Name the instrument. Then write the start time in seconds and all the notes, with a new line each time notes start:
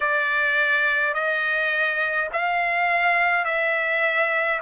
trumpet
0.00 D5
1.13 D#5
2.32 F5
3.44 E5